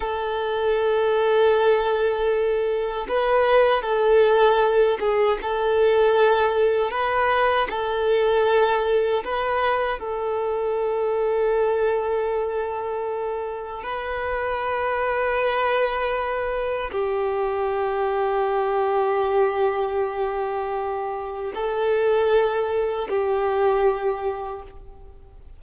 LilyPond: \new Staff \with { instrumentName = "violin" } { \time 4/4 \tempo 4 = 78 a'1 | b'4 a'4. gis'8 a'4~ | a'4 b'4 a'2 | b'4 a'2.~ |
a'2 b'2~ | b'2 g'2~ | g'1 | a'2 g'2 | }